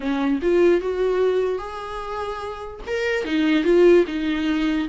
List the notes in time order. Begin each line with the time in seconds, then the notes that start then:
0.00 C#4
0.41 F4
0.81 F#4
1.58 G#4
2.86 A#4
3.24 D#4
3.64 F4
4.07 D#4